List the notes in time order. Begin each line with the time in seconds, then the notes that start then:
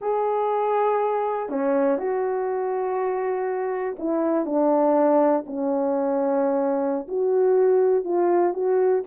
0.01 G#4
1.49 C#4
1.98 F#4
3.98 E4
4.45 D4
5.46 C#4
7.08 F#4
8.04 F4
8.53 F#4